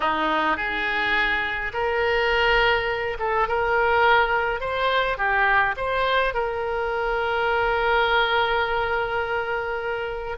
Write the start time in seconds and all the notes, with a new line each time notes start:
0.00 D#4
0.56 G#4
1.73 A#4
3.19 A4
3.48 A#4
4.60 C5
5.17 G4
5.76 C5
6.34 A#4